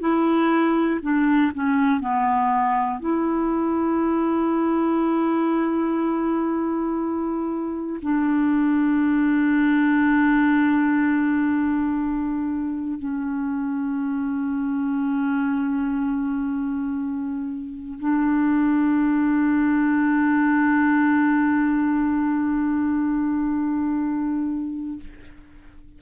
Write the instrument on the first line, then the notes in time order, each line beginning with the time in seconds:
clarinet
0.00 E4
1.01 D4
1.54 C#4
2.00 B3
3.00 E4
8.01 D4
12.99 C#4
17.99 D4